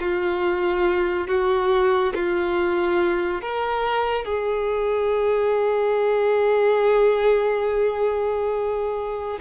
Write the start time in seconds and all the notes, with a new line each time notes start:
0.00 F4
1.27 F#4
2.14 F4
3.41 A#4
4.24 G#4